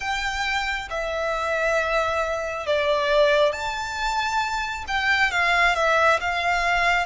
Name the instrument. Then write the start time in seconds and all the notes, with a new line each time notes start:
violin
0.00 G5
0.89 E5
2.66 D5
3.52 A5
4.87 G5
5.31 F5
5.75 E5
6.20 F5